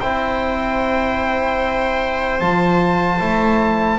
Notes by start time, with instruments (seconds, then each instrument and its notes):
0.00 double bass C4, trombone E4, viola C5, trumpet G5
2.40 double bass F3, trombone F4, trumpet A5
3.20 double bass A3, trombone E4